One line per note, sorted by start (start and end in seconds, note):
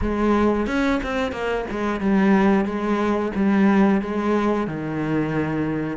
0.01 0.67 G#3
0.67 1.00 C#4
1.03 1.32 C4
1.32 1.65 A#3
1.70 2.00 G#3
2.00 2.65 G3
2.65 3.32 G#3
3.35 4.01 G3
4.01 4.67 G#3
4.67 5.97 D#3